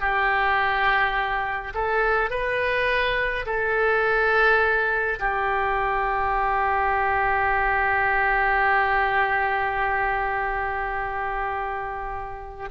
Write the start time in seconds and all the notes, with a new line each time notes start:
0.00 G4
1.74 A4
2.30 B4
3.46 A4
5.19 G4